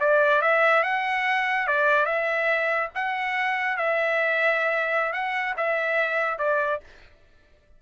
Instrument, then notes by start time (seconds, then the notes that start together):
trumpet
0.00 D5
0.42 E5
0.84 F#5
1.67 D5
2.06 E5
2.95 F#5
3.77 E5
5.13 F#5
5.57 E5
6.39 D5